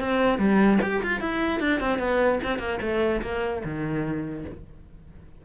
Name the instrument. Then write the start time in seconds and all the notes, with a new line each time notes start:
cello
0.00 C4
0.39 G3
0.83 G4
1.03 F4
1.21 E4
1.60 D4
1.80 C4
2.00 B3
2.44 C4
2.59 A#3
2.82 A3
3.23 A#3
3.65 D#3